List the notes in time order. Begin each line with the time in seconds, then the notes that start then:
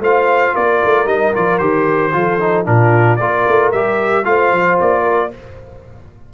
0.00 A3 F4 C5 F5
0.54 A#3 A#4 D5
0.84 A3
1.05 G3 D#4 D#5
1.34 F3 F4 D5
1.58 D#3 G4 C5
2.12 F3 F4 A4
2.40 D#4
2.65 A#2 D4 F4 A#4
3.16 A#3 F4 A#4 D5
3.47 A3
3.72 G3 G4 E5
4.24 A3 F4 C5 F5
4.52 F3
4.80 A#3 D5
5.02 A#4